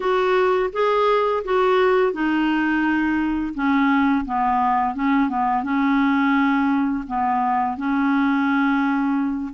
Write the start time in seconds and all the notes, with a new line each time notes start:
0.00 F#4
0.72 G#4
1.44 F#4
2.12 D#4
3.54 C#4
4.25 B3
4.94 C#4
5.29 B3
5.63 C#4
7.07 B3
7.77 C#4